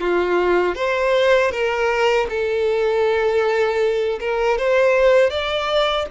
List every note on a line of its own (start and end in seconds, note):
0.00 0.76 F4
0.76 1.51 C5
1.51 2.27 A#4
2.30 4.19 A4
4.20 4.58 A#4
4.58 5.30 C5
5.30 6.06 D5